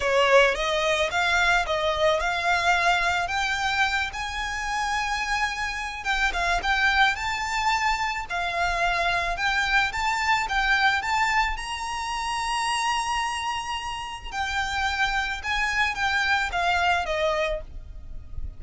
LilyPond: \new Staff \with { instrumentName = "violin" } { \time 4/4 \tempo 4 = 109 cis''4 dis''4 f''4 dis''4 | f''2 g''4. gis''8~ | gis''2. g''8 f''8 | g''4 a''2 f''4~ |
f''4 g''4 a''4 g''4 | a''4 ais''2.~ | ais''2 g''2 | gis''4 g''4 f''4 dis''4 | }